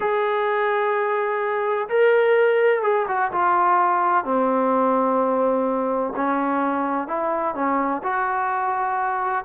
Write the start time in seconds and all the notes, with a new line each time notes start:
0.00 G#4
1.88 A#4
2.82 G#4
3.08 F#4
3.32 F4
4.24 C4
6.16 C#4
7.07 E4
7.54 C#4
8.03 F#4